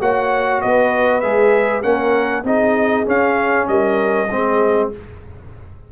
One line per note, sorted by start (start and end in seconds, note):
0.00 0.62 A#3
0.00 1.22 F#4
0.00 0.62 C#5
0.00 0.61 F#5
0.61 1.23 B3
0.61 1.84 B4
0.61 1.20 D#5
1.20 1.84 G#3
1.20 1.82 G#4
1.20 1.82 E5
1.82 2.43 A#3
1.82 2.43 C#4
1.82 2.45 A#4
1.82 2.43 F#5
2.43 3.05 C4
2.43 3.05 D#4
2.43 3.68 G#4
2.43 3.07 D#5
3.05 4.27 C#4
3.05 3.67 C#4
3.05 3.67 F5
3.67 4.29 G3
3.67 4.28 A#4
3.67 4.90 D#5
4.28 4.92 G#3
4.28 4.92 C4
4.28 4.90 G#4